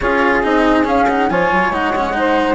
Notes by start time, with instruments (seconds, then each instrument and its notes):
0.00 bassoon C#4, cello F4, saxophone G#4, flute C#5
0.42 bassoon C4, cello D#4, flute D#5
0.84 cello C#4, bassoon C#4, flute F5
1.08 cello D#4, flute F#5
1.29 bassoon F3, cello F4, saxophone C#5, flute G#5
1.52 bassoon F#3
1.71 bassoon G#3, cello D#4, flute F#5
1.95 cello C#4
2.13 cello D#4, saxophone C5